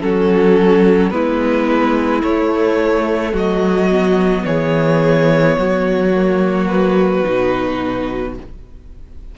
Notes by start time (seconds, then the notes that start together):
0.00 F#3 C#4 F#4 A4
1.10 G#3 B3 E4 B4
2.22 A3 C#5
3.32 F#3 F#4 D#5
3.90 B3
4.45 E3 G#4 C#5
5.57 F#3 F#4
6.15 A#3
6.67 B4
7.23 B2 D#4